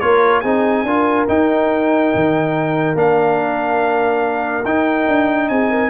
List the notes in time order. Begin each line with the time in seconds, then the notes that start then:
0.00 A#3 F4 A#4 C#5
0.41 C4 D#4 G#4 G#5
0.84 D4 F4 A#4
1.28 D#4 G5
2.15 D#3
2.95 A#3 D4 F5
4.65 D#4 G5
5.08 D4
5.49 C4 G#4 G#5
5.70 A#4